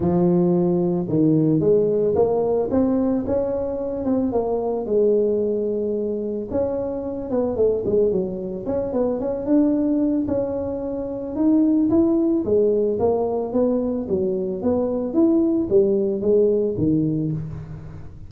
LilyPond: \new Staff \with { instrumentName = "tuba" } { \time 4/4 \tempo 4 = 111 f2 dis4 gis4 | ais4 c'4 cis'4. c'8 | ais4 gis2. | cis'4. b8 a8 gis8 fis4 |
cis'8 b8 cis'8 d'4. cis'4~ | cis'4 dis'4 e'4 gis4 | ais4 b4 fis4 b4 | e'4 g4 gis4 dis4 | }